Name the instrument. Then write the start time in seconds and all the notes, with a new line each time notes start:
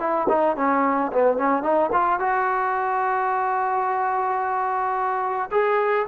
trombone
0.00 E4
0.29 D#4
0.57 C#4
1.13 B3
1.38 C#4
1.63 D#4
1.93 F4
2.20 F#4
5.52 G#4